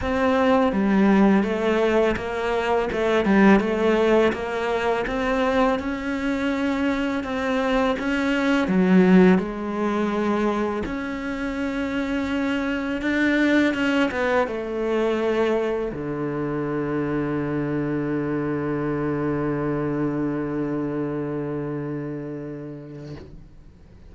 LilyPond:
\new Staff \with { instrumentName = "cello" } { \time 4/4 \tempo 4 = 83 c'4 g4 a4 ais4 | a8 g8 a4 ais4 c'4 | cis'2 c'4 cis'4 | fis4 gis2 cis'4~ |
cis'2 d'4 cis'8 b8 | a2 d2~ | d1~ | d1 | }